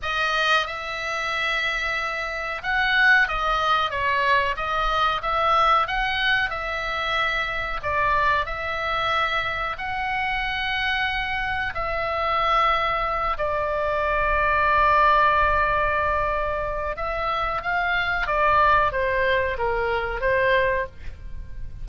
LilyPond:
\new Staff \with { instrumentName = "oboe" } { \time 4/4 \tempo 4 = 92 dis''4 e''2. | fis''4 dis''4 cis''4 dis''4 | e''4 fis''4 e''2 | d''4 e''2 fis''4~ |
fis''2 e''2~ | e''8 d''2.~ d''8~ | d''2 e''4 f''4 | d''4 c''4 ais'4 c''4 | }